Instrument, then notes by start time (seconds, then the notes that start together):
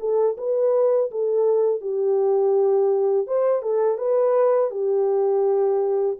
horn
0.00 A4
0.38 B4
1.11 A4
1.81 G4
3.27 C5
3.63 A4
3.98 B4
4.71 G4